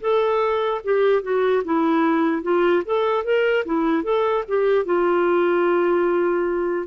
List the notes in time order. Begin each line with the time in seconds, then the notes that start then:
0.00 A4
0.84 G4
1.22 F#4
1.64 E4
2.42 F4
2.85 A4
3.24 A#4
3.65 E4
4.03 A4
4.48 G4
4.85 F4